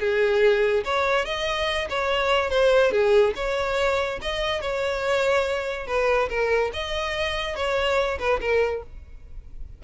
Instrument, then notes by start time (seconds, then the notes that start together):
violin
0.00 G#4
0.84 C#5
1.25 D#5
1.90 C#5
2.50 C5
2.92 G#4
3.36 C#5
4.21 D#5
4.61 C#5
5.87 B4
6.29 A#4
6.73 D#5
7.56 C#5
8.19 B4
8.41 A#4